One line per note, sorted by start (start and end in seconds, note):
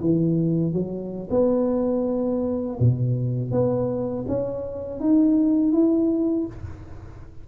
0.00 0.72 E3
0.72 1.28 F#3
1.30 2.78 B3
2.79 3.51 B2
3.51 4.25 B3
4.28 5.00 C#4
5.00 5.72 D#4
5.72 6.46 E4